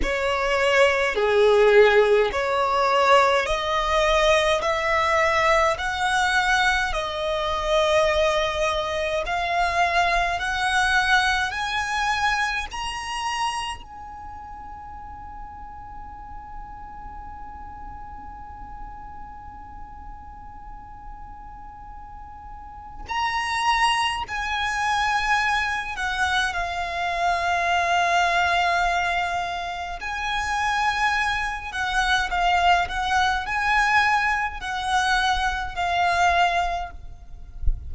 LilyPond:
\new Staff \with { instrumentName = "violin" } { \time 4/4 \tempo 4 = 52 cis''4 gis'4 cis''4 dis''4 | e''4 fis''4 dis''2 | f''4 fis''4 gis''4 ais''4 | gis''1~ |
gis''1 | ais''4 gis''4. fis''8 f''4~ | f''2 gis''4. fis''8 | f''8 fis''8 gis''4 fis''4 f''4 | }